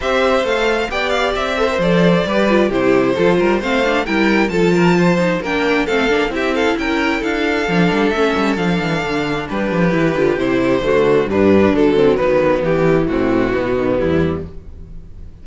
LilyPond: <<
  \new Staff \with { instrumentName = "violin" } { \time 4/4 \tempo 4 = 133 e''4 f''4 g''8 f''8 e''4 | d''2 c''2 | f''4 g''4 a''2 | g''4 f''4 e''8 f''8 g''4 |
f''2 e''4 f''4~ | f''4 b'2 c''4~ | c''4 b'4 a'4 b'4 | g'4 fis'2 e'4 | }
  \new Staff \with { instrumentName = "violin" } { \time 4/4 c''2 d''4. c''8~ | c''4 b'4 g'4 a'8 ais'8 | c''4 ais'4 a'8 ais'8 c''4 | ais'4 a'4 g'8 a'8 ais'4 |
a'1~ | a'4 g'2. | fis'4 d'4. c'8 b4~ | b4 c'4 b2 | }
  \new Staff \with { instrumentName = "viola" } { \time 4/4 g'4 a'4 g'4. a'16 ais'16 | a'4 g'8 f'8 e'4 f'4 | c'8 d'8 e'4 f'4. dis'8 | d'4 c'8 d'8 e'2~ |
e'4 d'4 cis'4 d'4~ | d'2 e'8 f'8 e'4 | a4 g4 fis2 | e2~ e8 dis8 g4 | }
  \new Staff \with { instrumentName = "cello" } { \time 4/4 c'4 a4 b4 c'4 | f4 g4 c4 f8 g8 | a4 g4 f2 | ais4 a8 ais8 c'4 cis'4 |
d'4 f8 g8 a8 g8 f8 e8 | d4 g8 f8 e8 d8 c4 | d4 g,4 d4 dis4 | e4 a,4 b,4 e,4 | }
>>